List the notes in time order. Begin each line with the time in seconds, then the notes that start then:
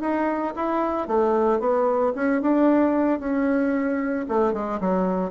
0.00 D#4
0.55 E4
1.07 A3
1.59 B3
2.15 C#4
2.41 D4
3.19 C#4
4.28 A3
4.53 G#3
4.80 F#3